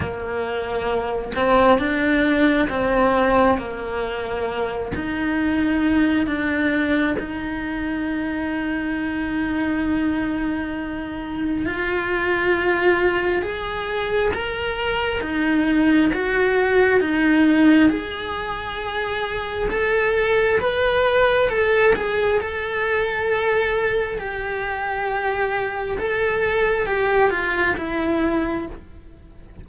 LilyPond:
\new Staff \with { instrumentName = "cello" } { \time 4/4 \tempo 4 = 67 ais4. c'8 d'4 c'4 | ais4. dis'4. d'4 | dis'1~ | dis'4 f'2 gis'4 |
ais'4 dis'4 fis'4 dis'4 | gis'2 a'4 b'4 | a'8 gis'8 a'2 g'4~ | g'4 a'4 g'8 f'8 e'4 | }